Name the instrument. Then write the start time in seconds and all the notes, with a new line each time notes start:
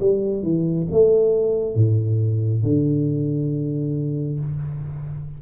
tuba
0.00 G3
0.43 E3
0.91 A3
1.75 A2
2.63 D3